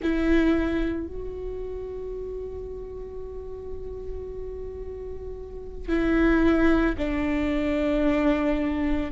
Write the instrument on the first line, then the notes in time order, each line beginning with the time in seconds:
viola
0.02 E4
1.07 F#4
5.88 E4
6.97 D4